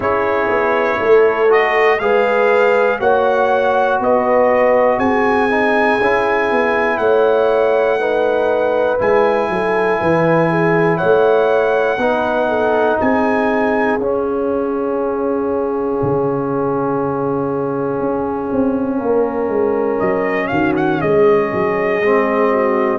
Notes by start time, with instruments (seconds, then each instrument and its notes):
0.00 tuba C#4, trombone E4, horn G#4, trumpet C#5
0.48 tuba B3
0.99 tuba A3, horn A4
1.48 trombone F#4, trumpet D#5
1.99 tuba G#3, trombone G#4, horn B4, trumpet F5
2.99 tuba A#3, trombone F#4, horn C#5, trumpet F#5
3.99 tuba B3, horn B4, trumpet D#5
4.97 tuba C4, horn G#4, trumpet G#5
5.50 trombone D#4
6.01 tuba C#4, trombone E4
6.51 tuba B3
6.97 tuba A3, horn C#5, trumpet F#5
7.99 trombone D#4, horn B4
8.98 tuba G#3, trombone E4, trumpet G#5
9.49 tuba F#3, horn A4
10.00 tuba E3, horn B4
10.50 horn G#4
10.97 horn C#5, trumpet F#5
11.03 tuba A3
11.97 tuba B3, trombone D#4, horn B4
12.48 horn A4
13.00 tuba C4, horn G#4, trumpet G#5
13.98 tuba C#4, trombone C#4, trumpet F5
16.02 tuba C#3
18.00 tuba C#4
18.52 tuba C4
18.97 tuba A#3, horn A#4
19.48 tuba G#3
19.99 tuba F#3, trumpet D#5
20.47 tuba D#3, horn F#4, trumpet F5
20.76 trumpet F#5
20.98 tuba G#3, horn G#4, trumpet D#5
21.53 tuba F#3
22.00 tuba G#3, trombone C4
22.51 horn F#4